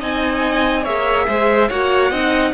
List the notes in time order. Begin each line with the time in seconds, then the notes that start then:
0.00 C4 D#4 D#5 G#5
0.84 A#3 G#4 C#5 E5
1.28 G#3 C5
1.69 A#3 F#4 C#5 F#5
2.11 C4 D#4 D#5